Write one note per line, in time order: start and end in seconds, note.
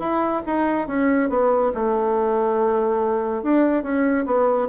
0.00 0.42 E4
0.47 0.88 D#4
0.88 1.30 C#4
1.30 1.72 B3
1.75 3.44 A3
3.44 3.83 D4
3.83 4.26 C#4
4.26 4.69 B3